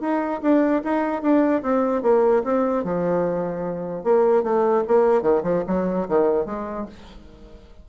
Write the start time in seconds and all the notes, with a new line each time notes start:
0.00 D#4
0.41 D4
0.84 D#4
1.22 D4
1.62 C4
2.02 A#3
2.44 C4
2.84 F3
4.03 A#3
4.43 A3
4.87 A#3
5.22 D#3
5.43 F3
5.67 F#3
6.08 D#3
6.45 G#3